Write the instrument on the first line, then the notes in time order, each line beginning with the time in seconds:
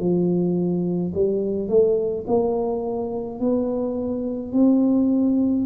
tuba
0.00 F3
1.15 G3
1.69 A3
2.27 A#3
3.40 B3
4.53 C4